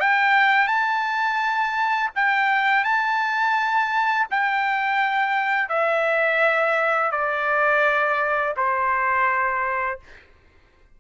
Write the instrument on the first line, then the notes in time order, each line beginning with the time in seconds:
trumpet
0.00 G5
0.67 A5
2.15 G5
2.84 A5
4.31 G5
5.69 E5
7.11 D5
8.56 C5